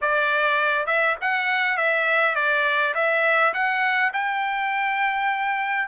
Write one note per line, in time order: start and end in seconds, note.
0.01 0.86 D5
0.86 1.16 E5
1.21 1.77 F#5
1.77 2.35 E5
2.35 2.94 D5
2.94 3.53 E5
3.53 4.12 F#5
4.13 5.88 G5